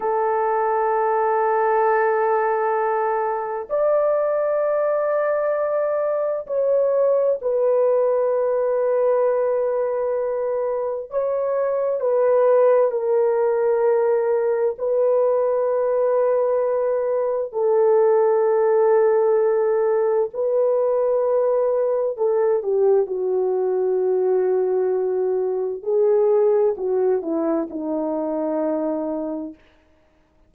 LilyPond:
\new Staff \with { instrumentName = "horn" } { \time 4/4 \tempo 4 = 65 a'1 | d''2. cis''4 | b'1 | cis''4 b'4 ais'2 |
b'2. a'4~ | a'2 b'2 | a'8 g'8 fis'2. | gis'4 fis'8 e'8 dis'2 | }